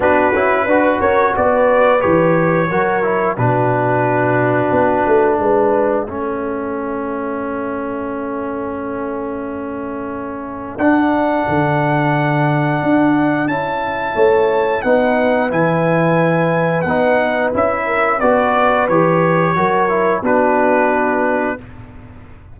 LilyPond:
<<
  \new Staff \with { instrumentName = "trumpet" } { \time 4/4 \tempo 4 = 89 b'4. cis''8 d''4 cis''4~ | cis''4 b'2. | e''1~ | e''1 |
fis''1 | a''2 fis''4 gis''4~ | gis''4 fis''4 e''4 d''4 | cis''2 b'2 | }
  \new Staff \with { instrumentName = "horn" } { \time 4/4 fis'4 b'8 ais'8 b'2 | ais'4 fis'2. | b'4 a'2.~ | a'1~ |
a'1~ | a'4 cis''4 b'2~ | b'2~ b'8 ais'8 b'4~ | b'4 ais'4 fis'2 | }
  \new Staff \with { instrumentName = "trombone" } { \time 4/4 d'8 e'8 fis'2 g'4 | fis'8 e'8 d'2.~ | d'4 cis'2.~ | cis'1 |
d'1 | e'2 dis'4 e'4~ | e'4 dis'4 e'4 fis'4 | g'4 fis'8 e'8 d'2 | }
  \new Staff \with { instrumentName = "tuba" } { \time 4/4 b8 cis'8 d'8 cis'8 b4 e4 | fis4 b,2 b8 a8 | gis4 a2.~ | a1 |
d'4 d2 d'4 | cis'4 a4 b4 e4~ | e4 b4 cis'4 b4 | e4 fis4 b2 | }
>>